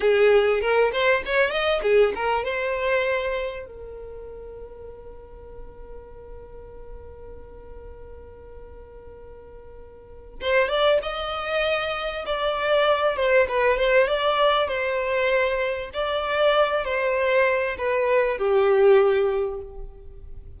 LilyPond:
\new Staff \with { instrumentName = "violin" } { \time 4/4 \tempo 4 = 98 gis'4 ais'8 c''8 cis''8 dis''8 gis'8 ais'8 | c''2 ais'2~ | ais'1~ | ais'1~ |
ais'4 c''8 d''8 dis''2 | d''4. c''8 b'8 c''8 d''4 | c''2 d''4. c''8~ | c''4 b'4 g'2 | }